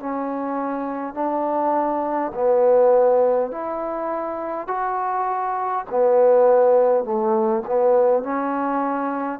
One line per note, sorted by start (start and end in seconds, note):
0.00 1.14 C#4
1.14 2.32 D4
2.34 3.51 B3
3.51 4.67 E4
4.67 5.85 F#4
5.90 7.04 B3
7.04 7.63 A3
7.66 8.24 B3
8.24 9.40 C#4